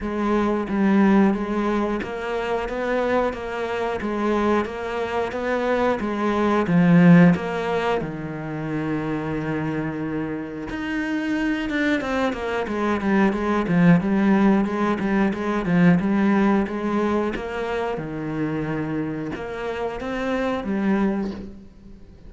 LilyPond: \new Staff \with { instrumentName = "cello" } { \time 4/4 \tempo 4 = 90 gis4 g4 gis4 ais4 | b4 ais4 gis4 ais4 | b4 gis4 f4 ais4 | dis1 |
dis'4. d'8 c'8 ais8 gis8 g8 | gis8 f8 g4 gis8 g8 gis8 f8 | g4 gis4 ais4 dis4~ | dis4 ais4 c'4 g4 | }